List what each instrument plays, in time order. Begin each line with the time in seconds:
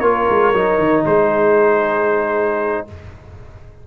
0.00 tuba A#3, trombone F4, horn A#4, trumpet C#5
0.29 tuba G#3
0.53 tuba F#3, trombone D#4
0.78 tuba D#3
1.05 tuba G#3, horn G#4, trumpet C5